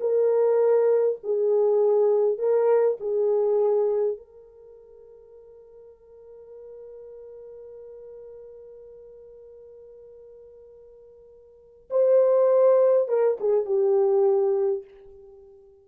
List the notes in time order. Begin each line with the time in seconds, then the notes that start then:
0.00 A#4
1.23 G#4
2.38 A#4
3.00 G#4
4.17 A#4
11.90 C5
13.08 A#4
13.40 G#4
13.65 G4